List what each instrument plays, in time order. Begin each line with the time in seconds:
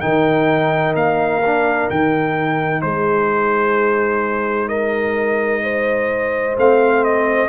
0.00 tuba D#3, trombone D#4, horn A#4, trumpet G5
0.94 tuba A#3, trumpet F5
1.45 trombone D4
1.89 tuba D#3, trombone D#4, trumpet G5
2.81 tuba G#3, horn G#4, trumpet C5
4.68 horn A#4, trumpet D#5
5.63 horn C5
6.57 tuba A3, trombone C4, trumpet F5
7.04 trumpet D#5